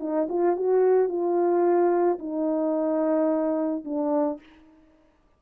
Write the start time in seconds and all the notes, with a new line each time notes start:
0.00 D#4
0.29 F4
0.56 F#4
1.09 F4
2.19 D#4
3.85 D4